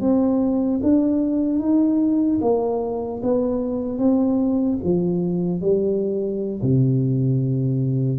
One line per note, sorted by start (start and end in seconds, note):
0.00 0.80 C4
0.83 1.59 D4
1.59 2.39 D#4
2.41 3.21 A#3
3.23 3.98 B3
3.98 4.78 C4
4.83 5.61 F3
5.61 6.61 G3
6.62 8.19 C3